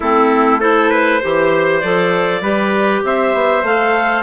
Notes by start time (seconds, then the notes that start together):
0.00 A3 C4 E4 A4
0.60 E4 A4 C5
0.90 B4
1.19 E3 G4 C5
1.80 F3 A4 D5
2.41 G3 G4 B4
3.04 C4 C5 E5
3.34 B3
3.62 A3 A4 F5